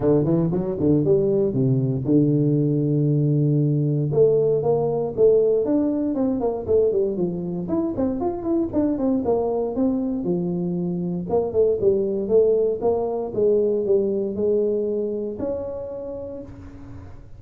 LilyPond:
\new Staff \with { instrumentName = "tuba" } { \time 4/4 \tempo 4 = 117 d8 e8 fis8 d8 g4 c4 | d1 | a4 ais4 a4 d'4 | c'8 ais8 a8 g8 f4 e'8 c'8 |
f'8 e'8 d'8 c'8 ais4 c'4 | f2 ais8 a8 g4 | a4 ais4 gis4 g4 | gis2 cis'2 | }